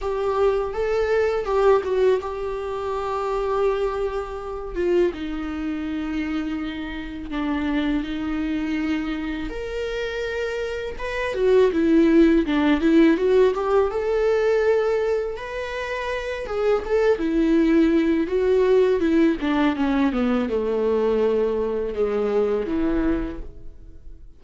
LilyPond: \new Staff \with { instrumentName = "viola" } { \time 4/4 \tempo 4 = 82 g'4 a'4 g'8 fis'8 g'4~ | g'2~ g'8 f'8 dis'4~ | dis'2 d'4 dis'4~ | dis'4 ais'2 b'8 fis'8 |
e'4 d'8 e'8 fis'8 g'8 a'4~ | a'4 b'4. gis'8 a'8 e'8~ | e'4 fis'4 e'8 d'8 cis'8 b8 | a2 gis4 e4 | }